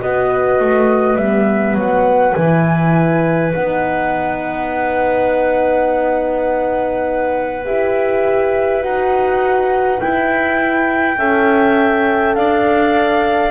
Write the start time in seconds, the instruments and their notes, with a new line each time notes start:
0.00 double bass B3, horn F#4, clarinet B4, flute D#5
0.59 double bass A3
1.15 double bass G3, horn B3, flute E5
1.74 double bass F#3, flute F#5
2.34 double bass E3, horn E4, flute G#5
3.54 double bass B3, horn D#4, flute F#5
7.64 double bass E4, horn G4, flute E5
8.81 double bass D#4, horn F#4, flute F#5
9.97 horn E4, double bass E4, flute G5
11.17 double bass C#4, horn A4, clarinet E5
12.35 double bass D4, clarinet D5, flute F5